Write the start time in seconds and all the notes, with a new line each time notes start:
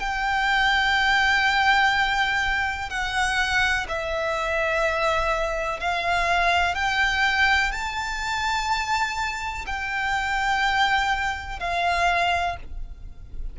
0.00 G5
2.90 F#5
3.89 E5
5.81 F5
6.75 G5
7.72 A5
9.67 G5
11.60 F5